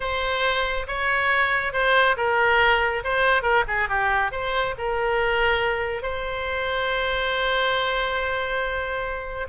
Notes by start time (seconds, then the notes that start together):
0.00 C5
0.87 C#5
1.72 C5
2.16 A#4
3.04 C5
3.42 A#4
3.67 G#4
3.88 G4
4.31 C5
4.78 A#4
6.02 C5